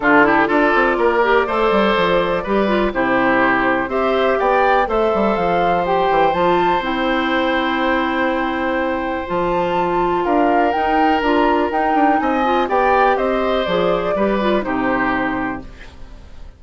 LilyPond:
<<
  \new Staff \with { instrumentName = "flute" } { \time 4/4 \tempo 4 = 123 a'4 d''2.~ | d''2 c''2 | e''4 g''4 e''4 f''4 | g''4 a''4 g''2~ |
g''2. a''4~ | a''4 f''4 g''4 ais''4 | g''4 gis''4 g''4 dis''4 | d''2 c''2 | }
  \new Staff \with { instrumentName = "oboe" } { \time 4/4 f'8 g'8 a'4 ais'4 c''4~ | c''4 b'4 g'2 | c''4 d''4 c''2~ | c''1~ |
c''1~ | c''4 ais'2.~ | ais'4 dis''4 d''4 c''4~ | c''4 b'4 g'2 | }
  \new Staff \with { instrumentName = "clarinet" } { \time 4/4 d'8 e'8 f'4. g'8 a'4~ | a'4 g'8 f'8 e'2 | g'2 a'2 | g'4 f'4 e'2~ |
e'2. f'4~ | f'2 dis'4 f'4 | dis'4. f'8 g'2 | gis'4 g'8 f'8 dis'2 | }
  \new Staff \with { instrumentName = "bassoon" } { \time 4/4 d4 d'8 c'8 ais4 a8 g8 | f4 g4 c2 | c'4 b4 a8 g8 f4~ | f8 e8 f4 c'2~ |
c'2. f4~ | f4 d'4 dis'4 d'4 | dis'8 d'8 c'4 b4 c'4 | f4 g4 c2 | }
>>